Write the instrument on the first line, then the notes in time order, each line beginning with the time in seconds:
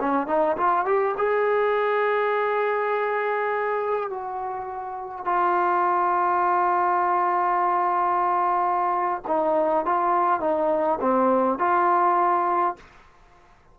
trombone
0.00 C#4
0.27 D#4
0.57 F4
0.85 G4
1.17 G#4
4.10 F#4
5.25 F4
9.27 D#4
9.85 F4
10.40 D#4
11.01 C4
11.59 F4